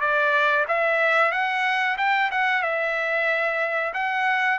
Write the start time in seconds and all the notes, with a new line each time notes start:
0.00 D5
0.68 E5
1.31 F#5
1.97 G5
2.31 F#5
2.62 E5
3.93 F#5